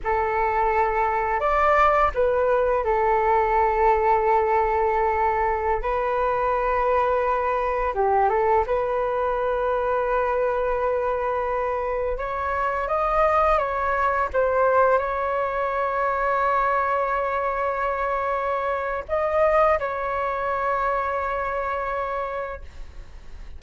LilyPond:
\new Staff \with { instrumentName = "flute" } { \time 4/4 \tempo 4 = 85 a'2 d''4 b'4 | a'1~ | a'16 b'2. g'8 a'16~ | a'16 b'2.~ b'8.~ |
b'4~ b'16 cis''4 dis''4 cis''8.~ | cis''16 c''4 cis''2~ cis''8.~ | cis''2. dis''4 | cis''1 | }